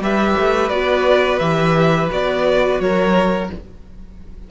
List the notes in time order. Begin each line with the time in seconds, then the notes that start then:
0.00 G3 G4 B4 E5
0.40 A3
0.69 B3 F#4 D5
1.39 E3 G4 E5
2.10 B3 F#4 D5
2.80 F#3 A#4 C#5